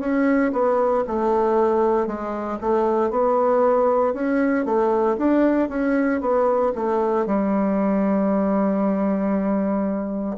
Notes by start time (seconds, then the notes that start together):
0.00 C#4
0.52 B3
1.07 A3
2.06 G#3
2.61 A3
3.10 B3
4.13 C#4
4.65 A3
5.17 D4
5.69 C#4
6.21 B3
6.75 A3
7.26 G3